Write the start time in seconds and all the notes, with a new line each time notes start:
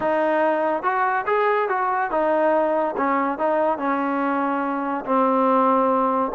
0.00 D#4
0.83 F#4
1.26 G#4
1.69 F#4
2.10 D#4
2.96 C#4
3.38 D#4
3.77 C#4
5.05 C4